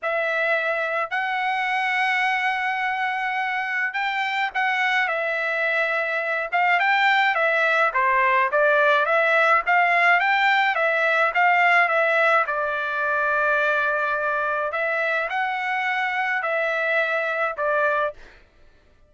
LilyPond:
\new Staff \with { instrumentName = "trumpet" } { \time 4/4 \tempo 4 = 106 e''2 fis''2~ | fis''2. g''4 | fis''4 e''2~ e''8 f''8 | g''4 e''4 c''4 d''4 |
e''4 f''4 g''4 e''4 | f''4 e''4 d''2~ | d''2 e''4 fis''4~ | fis''4 e''2 d''4 | }